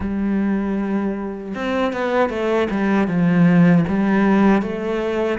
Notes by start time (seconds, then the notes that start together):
0.00 G3
1.54 C4
1.92 B3
2.29 A3
2.70 G3
3.07 F3
3.87 G3
4.62 A3